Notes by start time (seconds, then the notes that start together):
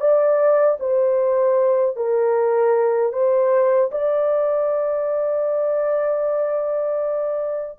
0.00 D5
0.80 C5
1.96 A#4
3.12 C5
3.91 D5